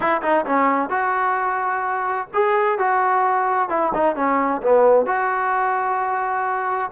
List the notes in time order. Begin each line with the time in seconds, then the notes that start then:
0.00 E4
0.22 D#4
0.45 C#4
0.89 F#4
2.33 G#4
2.78 F#4
3.69 E4
3.93 D#4
4.15 C#4
4.62 B3
5.06 F#4